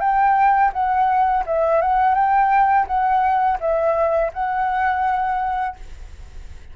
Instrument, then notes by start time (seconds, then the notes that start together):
flute
0.00 G5
0.73 F#5
1.46 E5
1.81 F#5
2.15 G5
2.87 F#5
3.60 E5
4.33 F#5